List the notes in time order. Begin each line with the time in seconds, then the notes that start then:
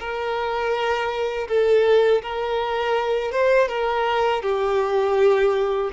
0.00 A#4
1.48 A4
2.23 A#4
3.32 C5
3.69 A#4
4.42 G4